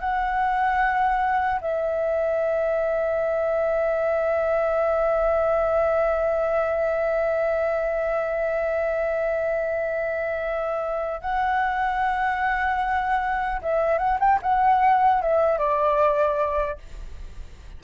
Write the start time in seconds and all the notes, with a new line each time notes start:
0.00 F#5
1.61 E5
11.21 F#5
13.62 E5
13.99 F#5
14.20 G5
14.43 F#5
15.22 E5
15.59 D5